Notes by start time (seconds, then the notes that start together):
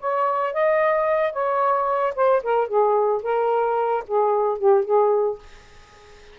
0.00 C#5
0.54 D#5
1.33 C#5
2.16 C5
2.43 A#4
2.68 G#4
3.23 A#4
4.08 G#4
4.58 G4
4.85 G#4